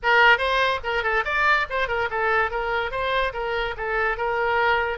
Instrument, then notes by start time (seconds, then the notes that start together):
oboe
0.02 A#4
0.38 C5
0.83 A#4
1.03 A4
1.25 D5
1.69 C5
1.87 A#4
2.10 A4
2.50 A#4
2.91 C5
3.33 A#4
3.77 A4
4.17 A#4